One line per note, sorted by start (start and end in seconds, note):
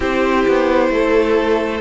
0.00 0.46 C4
0.00 1.80 E4
0.00 0.88 G4
0.00 1.80 C5
0.47 0.89 B3
0.89 1.80 A3
0.89 1.80 A4